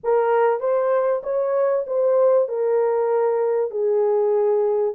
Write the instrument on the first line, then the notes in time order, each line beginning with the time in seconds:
horn
0.03 A#4
0.60 C5
1.23 C#5
1.87 C5
2.48 A#4
3.70 G#4